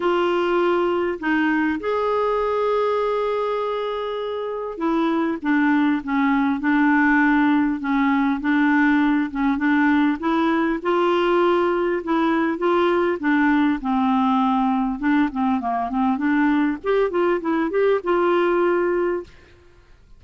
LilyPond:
\new Staff \with { instrumentName = "clarinet" } { \time 4/4 \tempo 4 = 100 f'2 dis'4 gis'4~ | gis'1 | e'4 d'4 cis'4 d'4~ | d'4 cis'4 d'4. cis'8 |
d'4 e'4 f'2 | e'4 f'4 d'4 c'4~ | c'4 d'8 c'8 ais8 c'8 d'4 | g'8 f'8 e'8 g'8 f'2 | }